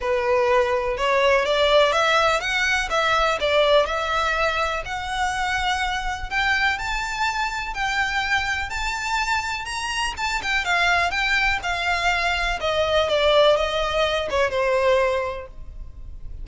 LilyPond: \new Staff \with { instrumentName = "violin" } { \time 4/4 \tempo 4 = 124 b'2 cis''4 d''4 | e''4 fis''4 e''4 d''4 | e''2 fis''2~ | fis''4 g''4 a''2 |
g''2 a''2 | ais''4 a''8 g''8 f''4 g''4 | f''2 dis''4 d''4 | dis''4. cis''8 c''2 | }